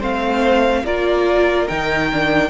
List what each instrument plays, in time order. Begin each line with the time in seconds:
0.00 cello A3, viola C4, violin C5 F5
0.84 cello A#3, viola F4, violin A#4 D5
1.68 cello D#3, viola D#4, violin G5
2.13 viola D4